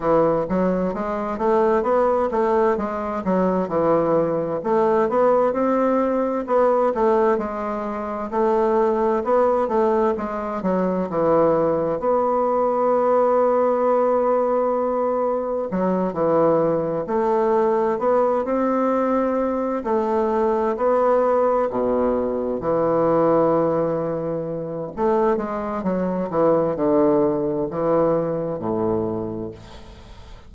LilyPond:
\new Staff \with { instrumentName = "bassoon" } { \time 4/4 \tempo 4 = 65 e8 fis8 gis8 a8 b8 a8 gis8 fis8 | e4 a8 b8 c'4 b8 a8 | gis4 a4 b8 a8 gis8 fis8 | e4 b2.~ |
b4 fis8 e4 a4 b8 | c'4. a4 b4 b,8~ | b,8 e2~ e8 a8 gis8 | fis8 e8 d4 e4 a,4 | }